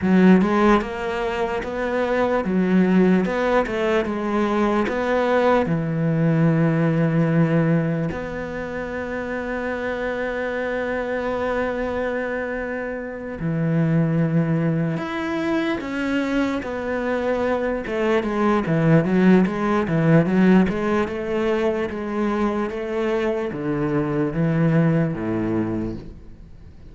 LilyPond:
\new Staff \with { instrumentName = "cello" } { \time 4/4 \tempo 4 = 74 fis8 gis8 ais4 b4 fis4 | b8 a8 gis4 b4 e4~ | e2 b2~ | b1~ |
b8 e2 e'4 cis'8~ | cis'8 b4. a8 gis8 e8 fis8 | gis8 e8 fis8 gis8 a4 gis4 | a4 d4 e4 a,4 | }